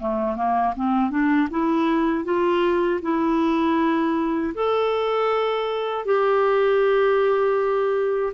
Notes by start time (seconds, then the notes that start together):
0.00 A3
0.36 A#3
0.76 C4
1.11 D4
1.51 E4
2.25 F4
3.02 E4
4.55 A4
6.06 G4